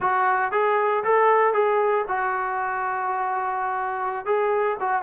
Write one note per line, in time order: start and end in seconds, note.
0.00 0.51 F#4
0.51 1.03 G#4
1.04 1.53 A4
1.53 2.05 G#4
2.07 4.25 F#4
4.25 4.77 G#4
4.80 5.02 F#4